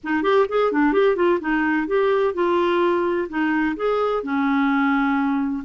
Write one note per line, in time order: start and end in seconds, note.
0.03 0.22 D#4
0.22 0.46 G4
0.49 0.72 G#4
0.72 0.92 D4
0.92 1.15 G4
1.15 1.39 F4
1.40 1.87 D#4
1.87 2.34 G4
2.34 3.27 F4
3.29 3.76 D#4
3.76 4.23 G#4
4.23 5.63 C#4